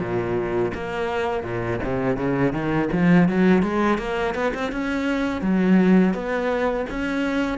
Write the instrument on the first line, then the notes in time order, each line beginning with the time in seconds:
cello
0.00 A#2
0.75 A#3
1.44 A#2
1.84 C3
2.17 C#3
2.53 D#3
2.93 F3
3.29 F#3
3.63 G#3
3.99 A#3
4.35 B3
4.54 C4
4.72 C#4
5.42 F#3
6.14 B3
6.90 C#4